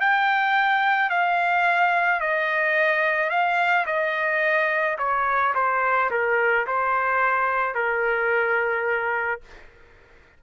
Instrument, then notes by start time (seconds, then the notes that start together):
trumpet
0.00 G5
1.10 F5
2.20 D#5
3.30 F5
3.86 D#5
4.98 C#5
5.55 C5
6.11 A#4
6.67 C5
7.74 A#4